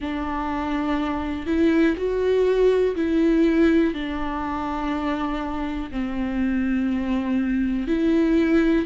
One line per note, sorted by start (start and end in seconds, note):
0.00 1.46 D4
1.46 1.95 E4
1.97 2.95 F#4
2.95 3.93 E4
3.93 5.90 D4
5.91 7.87 C4
7.87 8.85 E4